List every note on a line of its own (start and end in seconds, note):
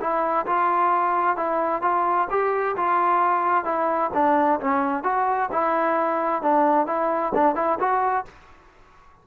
0.00 0.46 E4
0.46 1.37 F4
1.37 1.82 E4
1.82 2.28 F4
2.30 2.76 G4
2.76 3.65 F4
3.65 4.11 E4
4.14 4.60 D4
4.60 5.03 C#4
5.03 5.49 F#4
5.52 6.42 E4
6.42 6.87 D4
6.87 7.32 E4
7.35 7.56 D4
7.56 7.78 E4
7.79 8.25 F#4